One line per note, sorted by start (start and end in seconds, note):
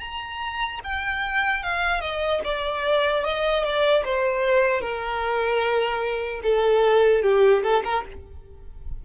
0.00 0.80 A#5
0.84 1.63 G5
1.63 2.01 F5
2.01 2.41 D#5
2.44 3.24 D5
3.24 3.64 D#5
3.64 4.04 D5
4.05 4.81 C5
4.81 6.41 A#4
6.43 7.23 A4
7.23 7.63 G4
7.63 7.83 A4
7.85 8.05 A#4